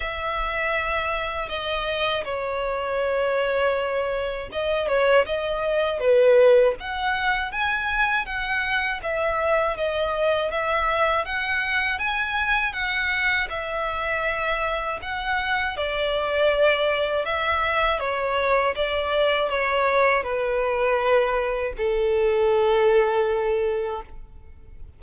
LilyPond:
\new Staff \with { instrumentName = "violin" } { \time 4/4 \tempo 4 = 80 e''2 dis''4 cis''4~ | cis''2 dis''8 cis''8 dis''4 | b'4 fis''4 gis''4 fis''4 | e''4 dis''4 e''4 fis''4 |
gis''4 fis''4 e''2 | fis''4 d''2 e''4 | cis''4 d''4 cis''4 b'4~ | b'4 a'2. | }